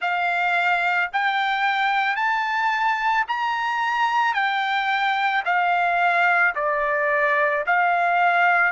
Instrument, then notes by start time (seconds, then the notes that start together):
trumpet
0.01 F5
1.13 G5
2.15 A5
3.27 A#5
4.33 G5
5.45 F5
6.55 D5
7.66 F5